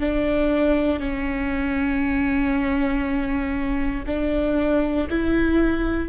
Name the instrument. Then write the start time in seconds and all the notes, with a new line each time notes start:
viola
0.00 D4
0.99 C#4
4.06 D4
5.09 E4